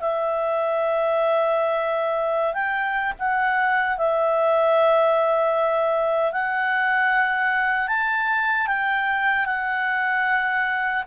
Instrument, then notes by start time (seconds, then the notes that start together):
clarinet
0.00 E5
2.54 G5
3.19 F#5
3.98 E5
6.32 F#5
7.88 A5
8.67 G5
9.45 F#5